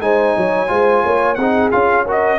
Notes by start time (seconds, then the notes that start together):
0.00 G#3 D#4 C5 G#5
0.37 F#3 C#5
0.67 G#3 F4 C5
1.04 A#3 C#5
1.35 C4 G#4 F#5
1.41 D#4
1.71 C#4 F4 F5
2.04 F#4 A#4
2.11 D#5